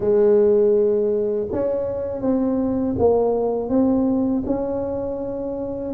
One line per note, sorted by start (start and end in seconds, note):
0.00 1.47 G#3
1.52 2.21 C#4
2.21 2.95 C4
2.98 3.69 A#3
3.69 4.43 C4
4.45 5.94 C#4